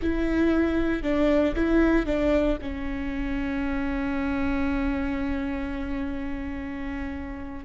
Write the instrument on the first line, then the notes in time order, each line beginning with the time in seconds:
viola
0.02 E4
1.03 D4
1.55 E4
2.06 D4
2.61 C#4